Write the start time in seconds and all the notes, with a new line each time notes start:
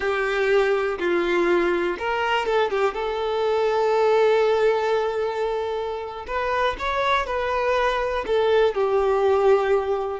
0.00 G4
0.98 F4
1.98 A#4
2.46 A4
2.70 G4
2.94 A4
6.27 B4
6.78 C#5
7.26 B4
8.26 A4
8.74 G4